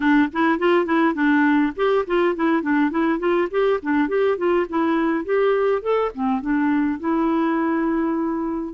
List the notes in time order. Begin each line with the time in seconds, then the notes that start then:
0.00 D4
0.32 E4
0.58 F4
0.85 E4
1.14 D4
1.76 G4
2.07 F4
2.35 E4
2.62 D4
2.90 E4
3.19 F4
3.51 G4
3.82 D4
4.08 G4
4.37 F4
4.69 E4
5.24 G4
5.82 A4
6.14 C4
6.41 D4
6.99 E4